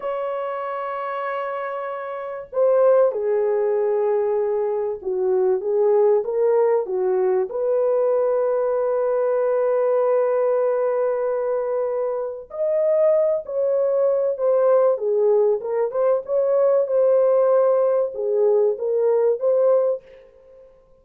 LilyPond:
\new Staff \with { instrumentName = "horn" } { \time 4/4 \tempo 4 = 96 cis''1 | c''4 gis'2. | fis'4 gis'4 ais'4 fis'4 | b'1~ |
b'1 | dis''4. cis''4. c''4 | gis'4 ais'8 c''8 cis''4 c''4~ | c''4 gis'4 ais'4 c''4 | }